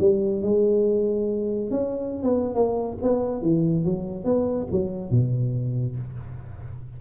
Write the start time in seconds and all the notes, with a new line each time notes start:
0.00 G3
0.42 G#3
1.70 C#4
2.23 B3
2.55 A#3
3.02 B3
3.42 E3
3.85 F#3
4.24 B3
4.71 F#3
5.11 B2